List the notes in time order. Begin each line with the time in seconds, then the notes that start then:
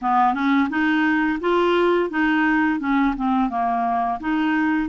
0.01 B3
0.34 C#4
0.69 D#4
1.40 F4
2.10 D#4
2.79 C#4
3.16 C4
3.49 A#3
4.20 D#4